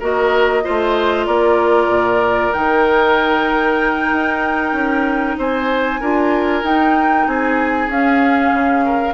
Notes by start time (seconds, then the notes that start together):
0.00 A#3 F#4 A#4 D#5
0.63 A3 F4 C5
1.27 A#3 A#4 D5
1.88 A#2
2.53 D#3 D#4 G5
4.12 D#4
4.73 C#4
5.38 C4 C5 G#5
6.01 D4 F4 A#4
6.63 D#4 G5
7.27 C4 G#4 G#5
7.88 C#4 F5
8.52 C#3
8.85 A#4